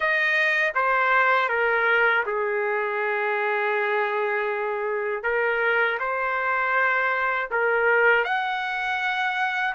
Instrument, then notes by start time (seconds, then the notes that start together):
trumpet
0.00 D#5
0.74 C5
1.48 A#4
2.26 G#4
5.23 A#4
5.99 C5
7.50 A#4
8.24 F#5